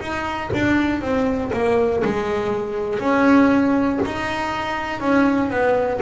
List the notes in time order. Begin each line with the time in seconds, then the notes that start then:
0.00 D#4
0.54 D4
1.01 C4
1.53 A#3
2.04 G#3
2.99 C#4
4.05 D#4
5.00 C#4
5.50 B3